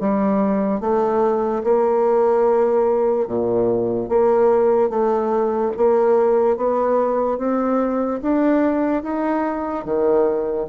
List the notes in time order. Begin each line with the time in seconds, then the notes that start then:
0.00 G3
0.80 A3
1.64 A#3
3.27 A#2
4.08 A#3
4.89 A3
5.77 A#3
6.57 B3
7.38 C4
8.22 D4
9.03 D#4
9.84 D#3